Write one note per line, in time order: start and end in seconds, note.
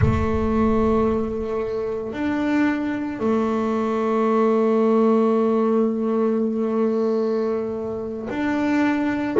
0.00 2.12 A3
2.12 3.19 D4
3.19 8.28 A3
8.29 9.37 D4